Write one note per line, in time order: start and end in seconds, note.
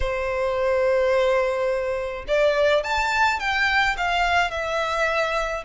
0.00 2.25 C5
2.27 2.83 D5
2.83 3.39 A5
3.39 3.96 G5
3.97 4.51 F5
4.51 5.64 E5